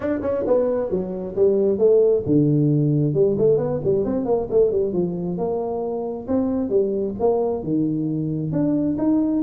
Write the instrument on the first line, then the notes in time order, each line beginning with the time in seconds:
tuba
0.00 D4
0.22 C#4
0.47 B3
0.90 F#3
1.35 G3
1.78 A3
2.26 D3
3.13 G3
3.37 A3
3.57 B3
3.84 G3
4.05 C4
4.25 A#3
4.50 A3
4.71 G3
4.93 F3
5.37 A#3
6.27 C4
6.69 G3
7.19 A#3
7.63 D#3
8.52 D4
8.98 D#4